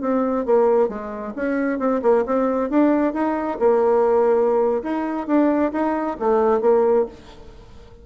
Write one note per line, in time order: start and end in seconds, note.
0.00 0.45 C4
0.45 0.88 A#3
0.88 1.33 G#3
1.36 1.78 C#4
1.78 2.01 C4
2.02 2.24 A#3
2.26 2.69 C4
2.69 3.13 D4
3.13 3.58 D#4
3.59 4.82 A#3
4.83 5.27 D#4
5.27 5.71 D4
5.72 6.16 D#4
6.19 6.61 A3
6.61 7.05 A#3